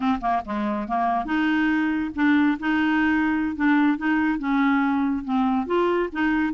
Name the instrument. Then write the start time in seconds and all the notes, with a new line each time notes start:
clarinet
0.00 C4
0.20 A#3
0.45 G#3
0.88 A#3
1.25 D#4
2.15 D4
2.59 D#4
3.56 D4
3.97 D#4
4.39 C#4
5.24 C4
5.66 F4
6.12 D#4